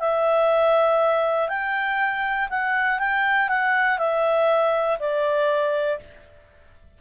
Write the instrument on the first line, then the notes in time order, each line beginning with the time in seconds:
clarinet
0.00 E5
1.49 G5
2.50 F#5
3.00 G5
3.49 F#5
3.99 E5
5.00 D5